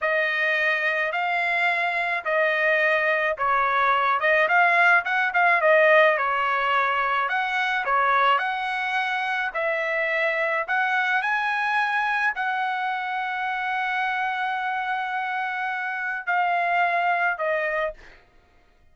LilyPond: \new Staff \with { instrumentName = "trumpet" } { \time 4/4 \tempo 4 = 107 dis''2 f''2 | dis''2 cis''4. dis''8 | f''4 fis''8 f''8 dis''4 cis''4~ | cis''4 fis''4 cis''4 fis''4~ |
fis''4 e''2 fis''4 | gis''2 fis''2~ | fis''1~ | fis''4 f''2 dis''4 | }